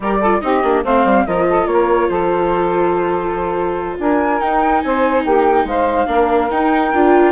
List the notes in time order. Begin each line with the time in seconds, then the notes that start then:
0.00 G3 G4 A#4 D5
0.19 F4 A4
0.40 C4 D#4 G4 D#5
0.63 A#3 D4
0.84 A3 C4 C5 F5
1.04 G3
1.26 F3 F4 A#4 D#5
1.48 A4
1.66 A#3 A#4 C#5
2.09 F3 A4 C5
3.98 D4 A#4 G#5
4.39 D#4 G5
4.81 C4 C5 G#5
5.24 A#3 G4 G5
5.64 G#3 C5 F5
6.06 A#3 D4 A#4
6.50 D#4 G5
6.93 D4 F4